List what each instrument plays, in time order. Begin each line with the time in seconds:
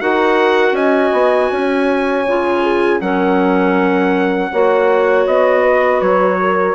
0.00 bassoon D#4, clarinet F#4, horn A#4, trumpet F#5
0.72 bassoon C#4, horn D#5, trumpet G#5
1.12 bassoon B3
1.51 bassoon C#4, horn C#5
2.27 bassoon C#3, clarinet F4
2.63 horn G#4
3.00 bassoon F#3, clarinet C#4, horn A#4, trumpet F#5
4.51 bassoon A#3, clarinet F#4, horn C#5
5.27 bassoon B3, trumpet D#5
5.62 horn B4
6.01 bassoon F#3, trumpet C#5
6.40 horn A#4